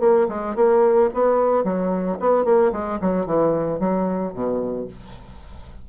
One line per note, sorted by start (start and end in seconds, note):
0.00 0.27 A#3
0.29 0.56 G#3
0.56 1.10 A#3
1.14 1.64 B3
1.64 2.18 F#3
2.20 2.45 B3
2.45 2.72 A#3
2.72 2.99 G#3
3.01 3.26 F#3
3.26 3.80 E3
3.80 4.33 F#3
4.33 4.87 B2